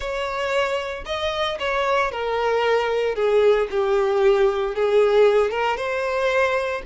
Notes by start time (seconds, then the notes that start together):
0.00 C#5
1.05 D#5
1.59 C#5
2.11 A#4
3.15 G#4
3.70 G4
4.75 G#4
5.50 A#4
5.76 C5